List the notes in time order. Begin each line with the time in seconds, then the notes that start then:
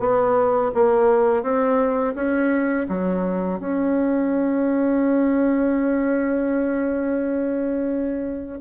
0.00 B3
0.75 A#3
1.43 C4
2.15 C#4
2.89 F#3
3.60 C#4